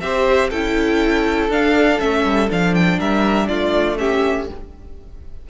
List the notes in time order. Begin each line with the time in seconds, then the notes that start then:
0.00 C4 G4 C5 E5
0.50 C#4 E4 A4 G5
1.49 D4 F5
1.99 A3 C#4 E5
2.24 G3
2.49 F3 D4 F5
2.74 G5
2.98 G3 A#4 E5
3.48 A3 F4 D5
3.97 C#4 G4 E5